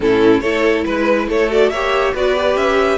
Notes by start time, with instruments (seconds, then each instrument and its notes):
0.00 cello A2, viola C#4, violin E4 A4
0.40 cello A3, viola E4, violin A4 C#5
0.84 cello G#3, violin B4
1.27 cello A3, violin A4 C#5
1.49 viola F#4, violin D5
1.69 cello A#3, viola G4, violin C#5 E5
2.14 cello B3, viola F#4, violin B4 D5
2.35 viola G4
2.55 cello C#4, violin E5